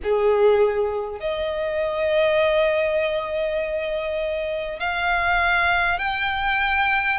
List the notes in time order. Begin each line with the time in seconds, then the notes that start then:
0.03 G#4
1.19 D#5
4.79 F5
5.98 G5